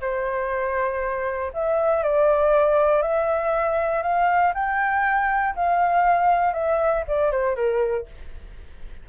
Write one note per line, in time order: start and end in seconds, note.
0.00 1.51 C5
1.53 2.03 E5
2.03 3.02 D5
3.02 4.02 E5
4.02 4.53 F5
4.54 5.55 G5
5.55 6.53 F5
6.53 7.04 E5
7.07 7.31 D5
7.31 7.55 C5
7.55 8.05 A#4